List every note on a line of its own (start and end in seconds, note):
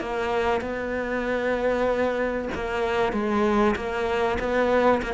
0.00 0.61 A#3
0.61 2.48 B3
2.54 3.12 A#3
3.12 3.75 G#3
3.76 4.38 A#3
4.39 5.01 B3
5.02 5.13 A#3